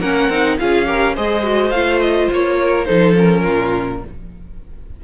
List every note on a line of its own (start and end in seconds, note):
0.00 0.29 A#3
0.00 0.31 C#4
0.00 0.57 A#4
0.00 0.57 F#5
0.29 0.57 C4
0.29 0.59 D#4
0.59 1.17 C#4
0.59 0.85 F4
0.59 0.88 G#4
0.59 1.16 F5
0.85 1.14 G4
0.85 1.15 A#4
1.15 1.71 G#3
1.15 1.43 G#4
1.15 2.58 C5
1.15 1.71 D#5
1.43 1.72 F#4
1.71 2.28 A3
1.71 2.86 F4
1.71 2.00 F5
2.01 2.29 D#5
2.32 2.89 A#3
2.32 2.85 C#5
2.62 2.88 A#4
2.85 3.46 F3
2.85 3.15 D#4
2.85 3.44 A4
2.85 3.14 C5
3.17 4.02 C#4
3.17 4.04 A#4
3.44 4.04 A#2
3.44 4.01 F4